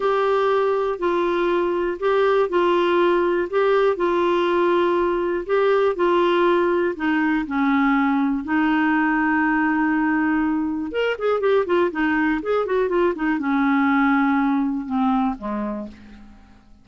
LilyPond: \new Staff \with { instrumentName = "clarinet" } { \time 4/4 \tempo 4 = 121 g'2 f'2 | g'4 f'2 g'4 | f'2. g'4 | f'2 dis'4 cis'4~ |
cis'4 dis'2.~ | dis'2 ais'8 gis'8 g'8 f'8 | dis'4 gis'8 fis'8 f'8 dis'8 cis'4~ | cis'2 c'4 gis4 | }